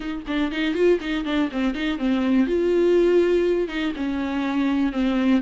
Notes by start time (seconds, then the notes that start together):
0.00 D#4
0.27 D4
0.51 D#4
0.74 F4
1.00 D#4
1.25 D4
1.51 C4
1.74 D#4
1.98 C4
2.46 F4
3.68 D#4
3.96 C#4
4.92 C4